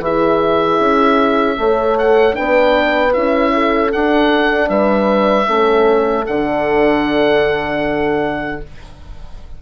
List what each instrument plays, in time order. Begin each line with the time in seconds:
0.00 bassoon E3, horn E4 G#4, oboe E5
0.80 bassoon C#4
1.58 bassoon A3, horn A4 C#5
1.99 oboe F#5
2.33 horn D4 B4, oboe G5
2.39 bassoon B3
3.13 bassoon C#4, horn E4, oboe E5
3.54 horn A4
3.93 horn D4, bassoon D4, oboe F#5
4.70 bassoon G3, horn B4, oboe E5
5.47 bassoon A3, horn C#4 A4
6.27 bassoon D3, horn D4, oboe F#5